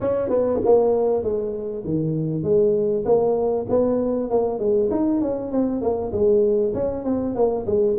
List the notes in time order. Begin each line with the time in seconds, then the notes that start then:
0.00 C#4
0.29 B3
0.64 A#3
1.23 G#3
1.84 D#3
2.43 G#3
3.05 A#3
3.69 B3
4.30 A#3
4.59 G#3
4.90 D#4
5.21 C#4
5.51 C4
5.81 A#3
6.12 G#3
6.73 C#4
7.04 C4
7.35 A#3
7.66 G#3